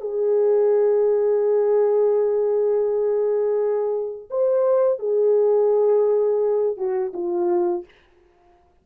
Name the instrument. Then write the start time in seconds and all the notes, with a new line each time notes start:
horn
0.00 G#4
4.30 C5
4.99 G#4
6.77 F#4
7.13 F4